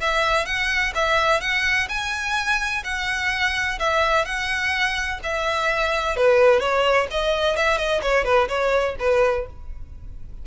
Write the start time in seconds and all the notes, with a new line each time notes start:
0.00 E5
0.45 F#5
0.95 E5
1.41 F#5
1.89 G#5
2.84 F#5
3.79 E5
4.25 F#5
5.23 E5
6.16 B4
6.60 C#5
7.11 D#5
7.56 E5
7.77 D#5
8.02 C#5
8.24 B4
8.48 C#5
8.99 B4